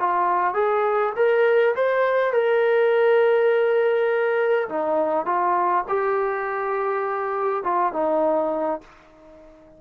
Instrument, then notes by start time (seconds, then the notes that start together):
trombone
0.00 F4
0.55 G#4
1.17 A#4
1.76 C5
2.33 A#4
4.69 D#4
5.26 F4
5.89 G4
7.64 F4
7.93 D#4